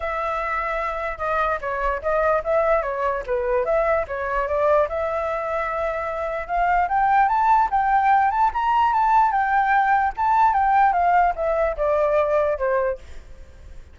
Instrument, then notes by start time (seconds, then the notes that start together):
flute
0.00 E5
1.18 D#5
1.61 C#5
2.02 D#5
2.43 E5
2.82 C#5
3.26 B4
3.65 E5
4.07 C#5
4.47 D5
4.88 E5
6.47 F5
6.88 G5
7.28 A5
7.70 G5
8.30 A5
8.53 A#5
8.93 A5
9.31 G5
10.16 A5
10.53 G5
10.93 F5
11.35 E5
11.77 D5
12.57 C5